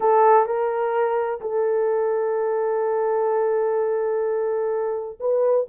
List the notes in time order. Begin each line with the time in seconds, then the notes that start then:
0.00 A4
0.46 A#4
1.40 A4
5.19 B4